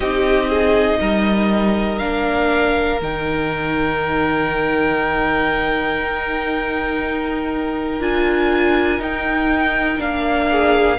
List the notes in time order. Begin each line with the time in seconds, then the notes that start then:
0.00 C4 D#4 G4 D#5
0.49 G#4
0.99 G3 A#4
1.98 A#3 D4 F5
3.01 D#3 D#4 G5
6.01 D#4
8.00 D4 F4 G#5
8.99 D#4 G5
9.97 A#3 D4 F5
10.51 G#4